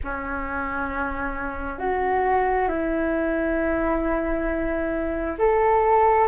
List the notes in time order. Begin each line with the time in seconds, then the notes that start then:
0.03 C#4
1.79 F#4
2.68 E4
5.38 A4